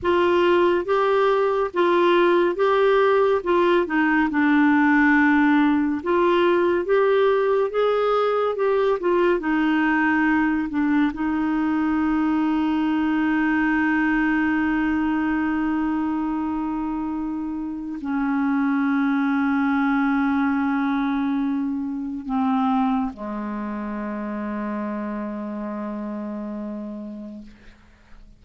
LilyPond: \new Staff \with { instrumentName = "clarinet" } { \time 4/4 \tempo 4 = 70 f'4 g'4 f'4 g'4 | f'8 dis'8 d'2 f'4 | g'4 gis'4 g'8 f'8 dis'4~ | dis'8 d'8 dis'2.~ |
dis'1~ | dis'4 cis'2.~ | cis'2 c'4 gis4~ | gis1 | }